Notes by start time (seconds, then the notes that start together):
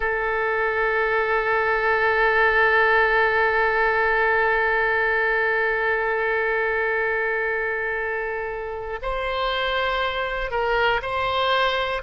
0.00 A4
9.01 C5
10.50 A#4
11.02 C5